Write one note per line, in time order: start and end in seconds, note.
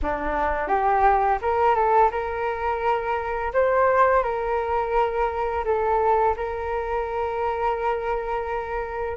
0.02 0.67 D4
0.67 1.38 G4
1.41 1.75 A#4
1.75 2.10 A4
2.11 3.52 A#4
3.53 4.23 C5
4.23 5.64 A#4
5.64 6.35 A4
6.36 9.17 A#4